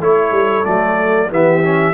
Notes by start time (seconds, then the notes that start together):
0.00 A3 E4 A4 C#5
0.31 G3
0.64 F#3 A3 D5
1.30 E3 B3 G4 E5
1.63 C#4